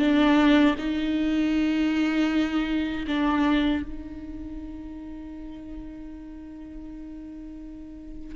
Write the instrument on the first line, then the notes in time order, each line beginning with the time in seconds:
viola
0.00 D4
0.79 D#4
3.08 D4
3.83 D#4